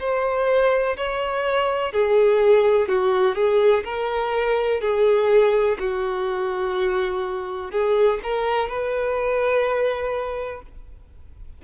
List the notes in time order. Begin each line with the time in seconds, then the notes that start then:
0.00 C5
0.97 C#5
1.93 G#4
2.89 F#4
3.36 G#4
3.85 A#4
4.81 G#4
5.80 F#4
7.72 G#4
8.23 A#4
8.69 B4